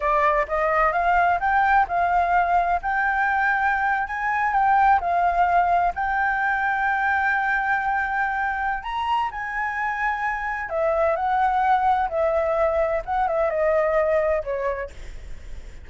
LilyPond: \new Staff \with { instrumentName = "flute" } { \time 4/4 \tempo 4 = 129 d''4 dis''4 f''4 g''4 | f''2 g''2~ | g''8. gis''4 g''4 f''4~ f''16~ | f''8. g''2.~ g''16~ |
g''2. ais''4 | gis''2. e''4 | fis''2 e''2 | fis''8 e''8 dis''2 cis''4 | }